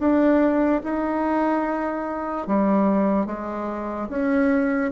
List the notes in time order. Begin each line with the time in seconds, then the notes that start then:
0.00 D4
0.84 D#4
2.48 G3
3.27 G#3
4.09 C#4